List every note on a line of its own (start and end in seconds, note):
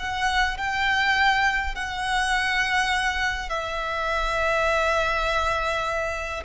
0.00 0.58 F#5
0.58 1.76 G5
1.76 3.50 F#5
3.50 6.44 E5